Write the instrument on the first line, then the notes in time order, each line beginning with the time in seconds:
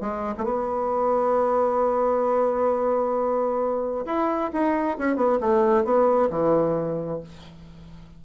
bassoon
0.00 G#3
0.38 A3
0.44 B3
4.05 E4
4.52 D#4
4.98 C#4
5.16 B3
5.40 A3
5.84 B3
6.30 E3